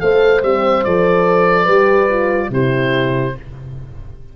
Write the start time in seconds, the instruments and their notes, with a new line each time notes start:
0.00 tuba A3, horn A4 C5, oboe F5
0.43 tuba G3, horn C4, oboe E5
0.84 tuba F3, horn A4, oboe D5
1.64 tuba G3, horn G4 B4
2.09 horn F4
2.50 tuba C3, horn E4 G4, oboe C5